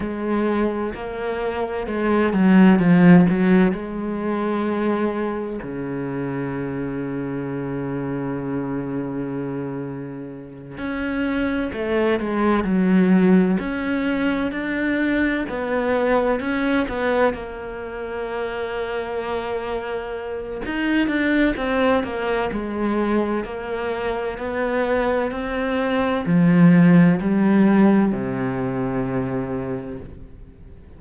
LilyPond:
\new Staff \with { instrumentName = "cello" } { \time 4/4 \tempo 4 = 64 gis4 ais4 gis8 fis8 f8 fis8 | gis2 cis2~ | cis2.~ cis8 cis'8~ | cis'8 a8 gis8 fis4 cis'4 d'8~ |
d'8 b4 cis'8 b8 ais4.~ | ais2 dis'8 d'8 c'8 ais8 | gis4 ais4 b4 c'4 | f4 g4 c2 | }